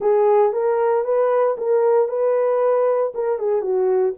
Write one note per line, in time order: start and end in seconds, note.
0.00 0.52 G#4
0.52 1.04 A#4
1.04 1.56 B4
1.57 2.08 A#4
2.08 3.12 B4
3.14 3.38 A#4
3.38 3.61 G#4
3.61 4.13 F#4